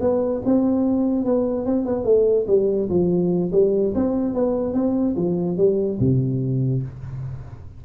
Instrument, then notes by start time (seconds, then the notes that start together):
tuba
0.00 B3
0.45 C4
1.25 B3
1.65 C4
1.85 B3
2.04 A3
2.47 G3
2.89 F3
3.52 G3
3.94 C4
4.34 B3
4.73 C4
5.16 F3
5.57 G3
5.99 C3